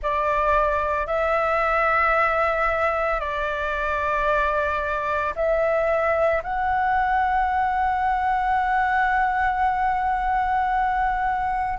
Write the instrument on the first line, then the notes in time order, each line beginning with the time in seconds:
flute
0.02 D5
1.06 E5
3.19 D5
5.35 E5
6.43 F#5